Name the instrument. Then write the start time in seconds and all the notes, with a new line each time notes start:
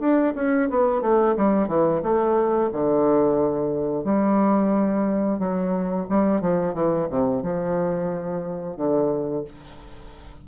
bassoon
0.00 D4
0.36 C#4
0.70 B3
1.02 A3
1.37 G3
1.68 E3
2.03 A3
2.73 D3
4.05 G3
5.39 F#3
6.10 G3
6.41 F3
6.74 E3
7.10 C3
7.43 F3
8.77 D3